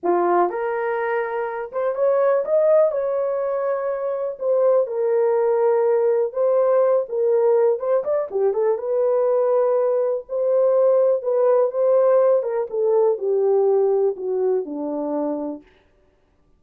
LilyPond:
\new Staff \with { instrumentName = "horn" } { \time 4/4 \tempo 4 = 123 f'4 ais'2~ ais'8 c''8 | cis''4 dis''4 cis''2~ | cis''4 c''4 ais'2~ | ais'4 c''4. ais'4. |
c''8 d''8 g'8 a'8 b'2~ | b'4 c''2 b'4 | c''4. ais'8 a'4 g'4~ | g'4 fis'4 d'2 | }